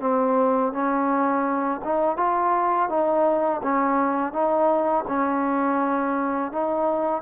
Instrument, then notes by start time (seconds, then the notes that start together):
trombone
0.00 C4
0.72 C#4
1.84 D#4
2.17 F4
2.89 D#4
3.63 C#4
4.33 D#4
5.07 C#4
6.52 D#4